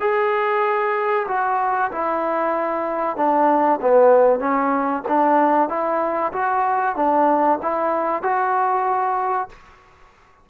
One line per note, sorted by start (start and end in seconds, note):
0.00 1.26 G#4
1.27 1.91 F#4
1.91 3.16 E4
3.16 3.80 D4
3.81 4.39 B3
4.39 5.02 C#4
5.08 5.69 D4
5.69 6.32 E4
6.32 6.96 F#4
6.96 7.59 D4
7.62 8.22 E4
8.22 9.49 F#4